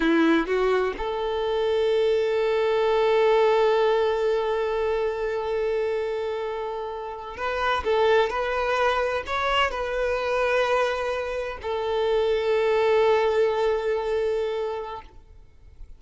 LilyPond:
\new Staff \with { instrumentName = "violin" } { \time 4/4 \tempo 4 = 128 e'4 fis'4 a'2~ | a'1~ | a'1~ | a'2.~ a'8. b'16~ |
b'8. a'4 b'2 cis''16~ | cis''8. b'2.~ b'16~ | b'8. a'2.~ a'16~ | a'1 | }